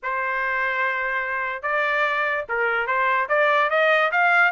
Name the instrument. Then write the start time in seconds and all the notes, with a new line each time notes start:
trumpet
0.02 C5
1.62 D5
2.48 A#4
2.86 C5
3.28 D5
3.69 D#5
4.11 F5